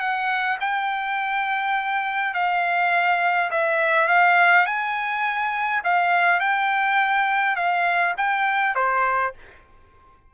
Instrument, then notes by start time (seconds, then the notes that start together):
trumpet
0.00 F#5
0.61 G5
2.34 F5
3.51 E5
4.08 F5
4.67 G#5
5.84 F5
6.41 G5
7.56 F5
8.17 G5
8.76 C5